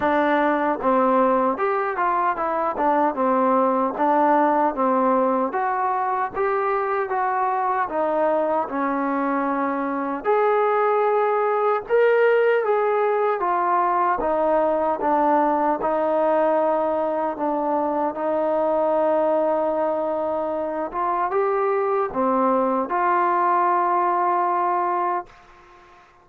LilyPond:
\new Staff \with { instrumentName = "trombone" } { \time 4/4 \tempo 4 = 76 d'4 c'4 g'8 f'8 e'8 d'8 | c'4 d'4 c'4 fis'4 | g'4 fis'4 dis'4 cis'4~ | cis'4 gis'2 ais'4 |
gis'4 f'4 dis'4 d'4 | dis'2 d'4 dis'4~ | dis'2~ dis'8 f'8 g'4 | c'4 f'2. | }